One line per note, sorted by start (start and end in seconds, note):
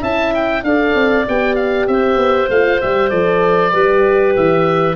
0.00 0.62 C#4
0.00 0.62 E4
0.00 0.62 E5
0.00 0.34 A5
0.34 0.63 G5
0.62 0.93 D4
0.62 1.27 A4
0.62 1.90 D5
0.62 1.25 F5
0.94 1.25 C4
1.27 1.87 B3
1.27 2.51 G4
1.27 1.55 G5
1.55 1.86 F5
1.87 2.16 C4
1.87 3.72 C5
1.87 2.49 E5
2.16 2.47 B3
2.49 2.80 A3
2.49 2.80 F4
2.49 2.81 F5
2.80 3.11 G3
2.80 3.10 G4
2.80 3.09 E5
3.09 3.73 F3
3.09 3.71 A4
3.09 4.33 D5
3.71 4.36 G3
3.71 4.95 G4
3.71 4.95 B4
4.36 4.95 E3
4.36 4.95 E5